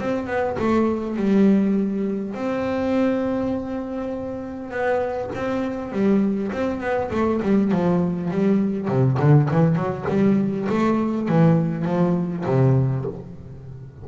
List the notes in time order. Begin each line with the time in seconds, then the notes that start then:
0.00 C4
0.27 B3
0.59 A3
1.17 G3
2.35 C4
4.71 B3
5.35 C4
5.92 G3
6.52 C4
6.80 B3
7.11 A3
7.43 G3
7.72 F3
8.31 G3
8.88 C3
9.20 D3
9.51 E3
9.76 F#3
10.09 G3
10.69 A3
11.29 E3
11.85 F3
12.46 C3